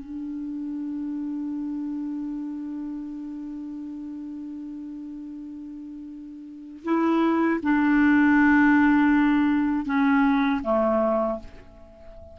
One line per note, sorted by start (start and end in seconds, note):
0.00 6.84 D4
6.85 7.61 E4
7.63 9.86 D4
9.86 10.62 C#4
10.64 11.40 A3